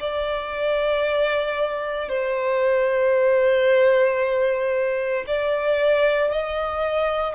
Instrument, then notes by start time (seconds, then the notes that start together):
violin
0.00 D5
2.09 C5
5.27 D5
6.32 D#5